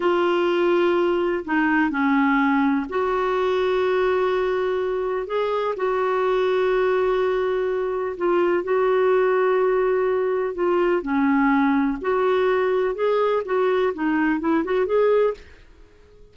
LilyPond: \new Staff \with { instrumentName = "clarinet" } { \time 4/4 \tempo 4 = 125 f'2. dis'4 | cis'2 fis'2~ | fis'2. gis'4 | fis'1~ |
fis'4 f'4 fis'2~ | fis'2 f'4 cis'4~ | cis'4 fis'2 gis'4 | fis'4 dis'4 e'8 fis'8 gis'4 | }